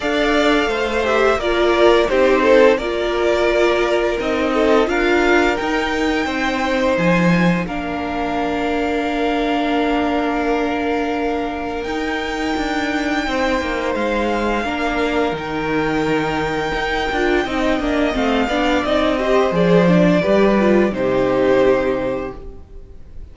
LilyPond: <<
  \new Staff \with { instrumentName = "violin" } { \time 4/4 \tempo 4 = 86 f''4. e''8 d''4 c''4 | d''2 dis''4 f''4 | g''2 gis''4 f''4~ | f''1~ |
f''4 g''2. | f''2 g''2~ | g''2 f''4 dis''4 | d''2 c''2 | }
  \new Staff \with { instrumentName = "violin" } { \time 4/4 d''4 c''4 ais'4 g'8 a'8 | ais'2~ ais'8 a'8 ais'4~ | ais'4 c''2 ais'4~ | ais'1~ |
ais'2. c''4~ | c''4 ais'2.~ | ais'4 dis''4. d''4 c''8~ | c''4 b'4 g'2 | }
  \new Staff \with { instrumentName = "viola" } { \time 4/4 a'4. g'8 f'4 dis'4 | f'2 dis'4 f'4 | dis'2. d'4~ | d'1~ |
d'4 dis'2.~ | dis'4 d'4 dis'2~ | dis'8 f'8 dis'8 d'8 c'8 d'8 dis'8 g'8 | gis'8 d'8 g'8 f'8 dis'2 | }
  \new Staff \with { instrumentName = "cello" } { \time 4/4 d'4 a4 ais4 c'4 | ais2 c'4 d'4 | dis'4 c'4 f4 ais4~ | ais1~ |
ais4 dis'4 d'4 c'8 ais8 | gis4 ais4 dis2 | dis'8 d'8 c'8 ais8 a8 b8 c'4 | f4 g4 c2 | }
>>